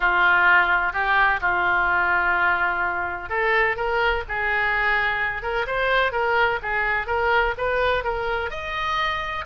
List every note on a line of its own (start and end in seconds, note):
0.00 0.92 F4
0.92 1.40 G4
1.40 3.29 F4
3.29 3.76 A4
3.76 4.23 A#4
4.28 5.42 G#4
5.42 5.66 A#4
5.66 6.12 C5
6.12 6.59 A#4
6.62 7.07 G#4
7.07 7.54 A#4
7.57 8.04 B4
8.04 8.50 A#4
8.50 9.44 D#5